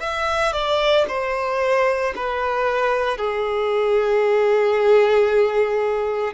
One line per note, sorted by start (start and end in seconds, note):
0.00 0.52 E5
0.52 1.05 D5
1.08 2.13 C5
2.15 3.18 B4
3.18 6.33 G#4